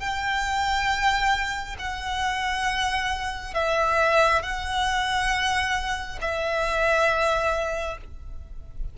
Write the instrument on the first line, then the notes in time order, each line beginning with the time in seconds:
violin
0.00 G5
1.79 F#5
3.55 E5
4.43 F#5
6.22 E5